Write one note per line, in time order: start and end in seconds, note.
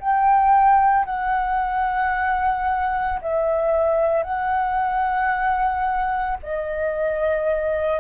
0.00 1.05 G5
1.05 3.19 F#5
3.22 4.23 E5
4.23 6.37 F#5
6.43 8.00 D#5